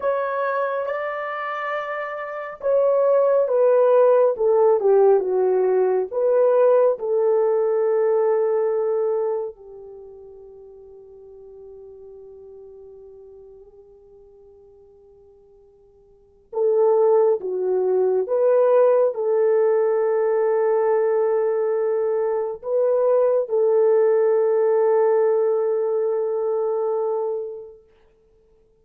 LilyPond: \new Staff \with { instrumentName = "horn" } { \time 4/4 \tempo 4 = 69 cis''4 d''2 cis''4 | b'4 a'8 g'8 fis'4 b'4 | a'2. g'4~ | g'1~ |
g'2. a'4 | fis'4 b'4 a'2~ | a'2 b'4 a'4~ | a'1 | }